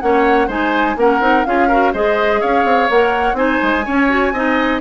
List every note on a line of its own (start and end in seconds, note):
0.00 0.47 A#3
0.00 0.48 C#4
0.00 0.47 C#5
0.00 0.48 F#5
0.47 0.95 G#3
0.47 0.96 D#4
0.47 0.95 C5
0.47 0.98 G#5
0.96 1.20 A#3
0.96 1.20 C#4
0.96 1.47 A#4
0.96 1.45 F#5
1.20 1.44 C4
1.20 1.44 D#4
1.45 1.94 C#4
1.45 1.69 F4
1.45 1.68 G#4
1.45 1.93 F5
1.68 1.94 F#4
1.68 1.92 A#4
1.93 2.42 G#3
1.93 2.90 G#4
1.93 2.41 C5
1.93 2.41 D#5
2.41 2.65 C#4
2.41 3.37 C#5
2.41 2.89 F5
2.65 2.89 C4
2.89 3.33 A#3
2.89 3.35 A#4
2.89 3.36 F#5
3.33 3.57 C4
3.33 3.83 D#4
3.33 3.85 C5
3.33 4.80 G#5
3.62 3.86 G#3
3.84 4.08 C#4
3.84 4.32 C#4
3.84 4.33 C#5
4.08 4.32 F#4
4.32 4.80 C4
4.32 4.81 D#4
4.32 4.81 D#5